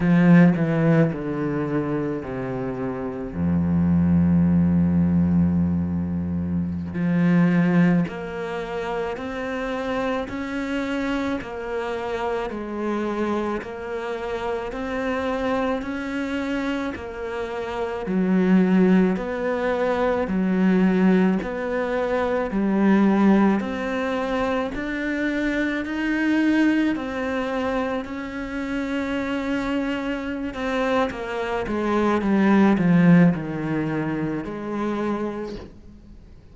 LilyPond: \new Staff \with { instrumentName = "cello" } { \time 4/4 \tempo 4 = 54 f8 e8 d4 c4 f,4~ | f,2~ f,16 f4 ais8.~ | ais16 c'4 cis'4 ais4 gis8.~ | gis16 ais4 c'4 cis'4 ais8.~ |
ais16 fis4 b4 fis4 b8.~ | b16 g4 c'4 d'4 dis'8.~ | dis'16 c'4 cis'2~ cis'16 c'8 | ais8 gis8 g8 f8 dis4 gis4 | }